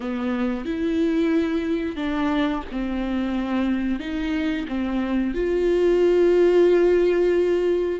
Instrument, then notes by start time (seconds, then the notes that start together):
viola
0.00 B3
0.65 E4
1.95 D4
2.72 C4
3.99 D#4
4.68 C4
5.34 F4